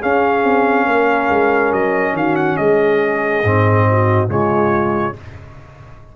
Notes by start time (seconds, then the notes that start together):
0.00 C#4 G#4 F5
0.44 C4
0.86 A#3 A#4
1.30 G#3
1.72 F#3 D#5
2.13 D#3 F#4 F5
2.36 F#5
2.57 G#3 G#4 D#5
3.44 G#2 C4
3.90 F#4
4.28 C#3 G#3 F4 C#5